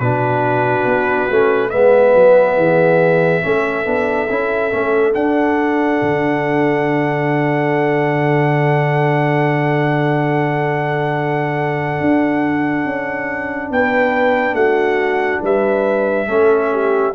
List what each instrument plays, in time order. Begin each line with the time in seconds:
0.00 tuba B2, trombone D4, horn F#4, trumpet B4
0.85 tuba B3
1.30 tuba A3, trombone C#4
1.70 tuba G#3, trombone B3, horn B4, trumpet E5
2.15 tuba F#3
2.57 tuba E3, horn G#4
3.42 tuba A3, trombone C#4, horn A4
3.85 tuba B3, trombone D4
4.30 tuba C#4, trombone E4
4.71 tuba A3, trombone C#4
5.15 trombone D4, tuba D4, trumpet F#5
6.02 tuba D3
12.01 tuba D4
12.86 tuba C#4
13.71 tuba B3, horn B4, trumpet G5
14.54 tuba A3, horn F#4, trumpet F#5
15.43 tuba G3, horn B4, trumpet E5
16.27 tuba A3, trombone C#4, horn A4
16.73 horn G4